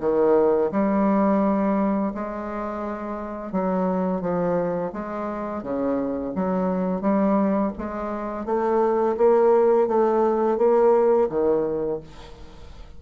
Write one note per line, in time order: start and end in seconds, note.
0.00 0.71 D#3
0.71 2.12 G3
2.14 3.52 G#3
3.52 4.21 F#3
4.21 4.92 F3
4.93 5.62 G#3
5.62 6.33 C#3
6.35 7.01 F#3
7.01 7.72 G3
7.78 8.45 G#3
8.45 9.16 A3
9.17 9.87 A#3
9.87 10.58 A3
10.58 11.28 A#3
11.29 12.00 D#3